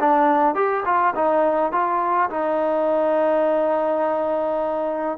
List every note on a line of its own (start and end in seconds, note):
0.00 0.55 D4
0.55 0.84 G4
0.85 1.14 F4
1.15 1.72 D#4
1.72 2.30 F4
2.30 5.18 D#4